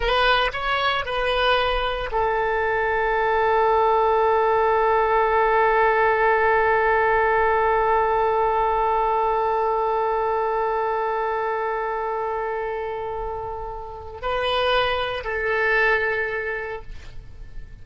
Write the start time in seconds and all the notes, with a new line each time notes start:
0.00 B4
0.53 C#5
1.05 B4
2.11 A4
14.21 B4
15.24 A4